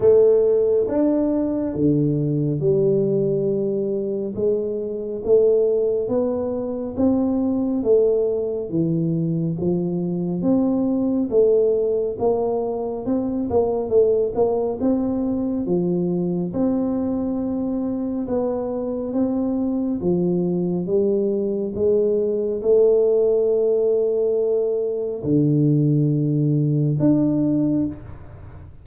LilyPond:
\new Staff \with { instrumentName = "tuba" } { \time 4/4 \tempo 4 = 69 a4 d'4 d4 g4~ | g4 gis4 a4 b4 | c'4 a4 e4 f4 | c'4 a4 ais4 c'8 ais8 |
a8 ais8 c'4 f4 c'4~ | c'4 b4 c'4 f4 | g4 gis4 a2~ | a4 d2 d'4 | }